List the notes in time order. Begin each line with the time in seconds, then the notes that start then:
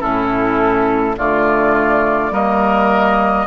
0.00 A2 C#4 E4 A4
1.17 D3 A3 F4 D5
2.31 G3 A#3 A#4 D#5